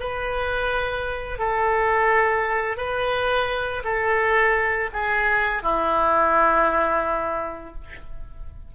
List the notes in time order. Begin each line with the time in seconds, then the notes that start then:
0.00 B4
1.39 A4
2.77 B4
3.84 A4
4.93 G#4
5.62 E4